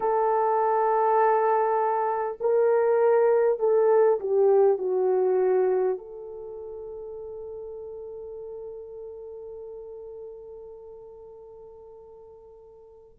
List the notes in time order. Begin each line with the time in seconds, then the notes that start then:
0.00 A4
2.40 A#4
3.59 A4
4.19 G4
4.78 F#4
5.98 A4